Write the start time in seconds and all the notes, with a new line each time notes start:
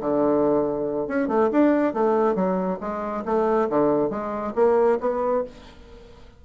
0.00 D3
1.07 C#4
1.28 A3
1.51 D4
1.93 A3
2.35 F#3
2.80 G#3
3.25 A3
3.69 D3
4.09 G#3
4.55 A#3
5.00 B3